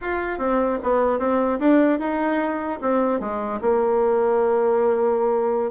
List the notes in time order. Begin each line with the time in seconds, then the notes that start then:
0.01 F4
0.38 C4
0.83 B3
1.19 C4
1.59 D4
1.99 D#4
2.81 C4
3.20 G#3
3.61 A#3